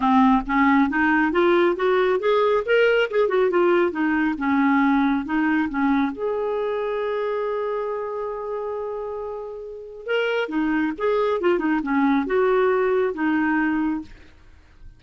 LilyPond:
\new Staff \with { instrumentName = "clarinet" } { \time 4/4 \tempo 4 = 137 c'4 cis'4 dis'4 f'4 | fis'4 gis'4 ais'4 gis'8 fis'8 | f'4 dis'4 cis'2 | dis'4 cis'4 gis'2~ |
gis'1~ | gis'2. ais'4 | dis'4 gis'4 f'8 dis'8 cis'4 | fis'2 dis'2 | }